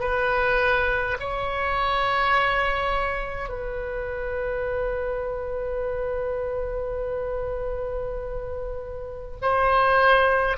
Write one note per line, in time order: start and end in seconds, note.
0.00 1.18 B4
1.20 3.49 C#5
3.49 9.37 B4
9.42 10.58 C5